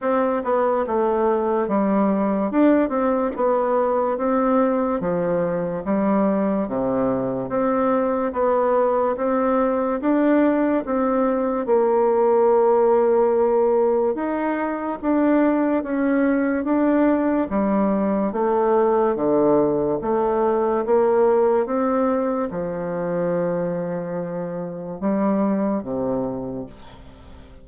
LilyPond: \new Staff \with { instrumentName = "bassoon" } { \time 4/4 \tempo 4 = 72 c'8 b8 a4 g4 d'8 c'8 | b4 c'4 f4 g4 | c4 c'4 b4 c'4 | d'4 c'4 ais2~ |
ais4 dis'4 d'4 cis'4 | d'4 g4 a4 d4 | a4 ais4 c'4 f4~ | f2 g4 c4 | }